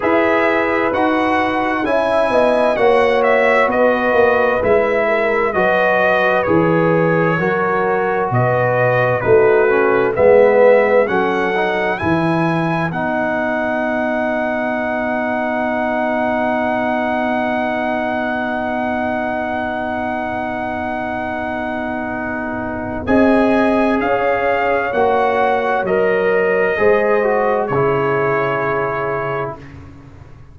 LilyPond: <<
  \new Staff \with { instrumentName = "trumpet" } { \time 4/4 \tempo 4 = 65 e''4 fis''4 gis''4 fis''8 e''8 | dis''4 e''4 dis''4 cis''4~ | cis''4 dis''4 b'4 e''4 | fis''4 gis''4 fis''2~ |
fis''1~ | fis''1~ | fis''4 gis''4 f''4 fis''4 | dis''2 cis''2 | }
  \new Staff \with { instrumentName = "horn" } { \time 4/4 b'2 e''8 dis''8 cis''4 | b'4. ais'8 b'2 | ais'4 b'4 fis'4 b'4 | a'4 b'2.~ |
b'1~ | b'1~ | b'4 dis''4 cis''2~ | cis''4 c''4 gis'2 | }
  \new Staff \with { instrumentName = "trombone" } { \time 4/4 gis'4 fis'4 e'4 fis'4~ | fis'4 e'4 fis'4 gis'4 | fis'2 dis'8 cis'8 b4 | cis'8 dis'8 e'4 dis'2~ |
dis'1~ | dis'1~ | dis'4 gis'2 fis'4 | ais'4 gis'8 fis'8 e'2 | }
  \new Staff \with { instrumentName = "tuba" } { \time 4/4 e'4 dis'4 cis'8 b8 ais4 | b8 ais8 gis4 fis4 e4 | fis4 b,4 a4 gis4 | fis4 e4 b2~ |
b1~ | b1~ | b4 c'4 cis'4 ais4 | fis4 gis4 cis2 | }
>>